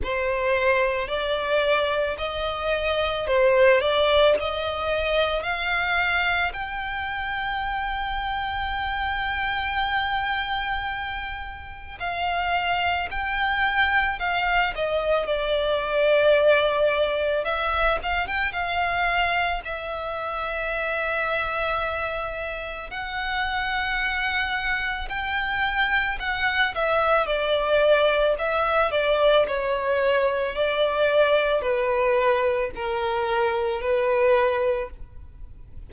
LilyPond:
\new Staff \with { instrumentName = "violin" } { \time 4/4 \tempo 4 = 55 c''4 d''4 dis''4 c''8 d''8 | dis''4 f''4 g''2~ | g''2. f''4 | g''4 f''8 dis''8 d''2 |
e''8 f''16 g''16 f''4 e''2~ | e''4 fis''2 g''4 | fis''8 e''8 d''4 e''8 d''8 cis''4 | d''4 b'4 ais'4 b'4 | }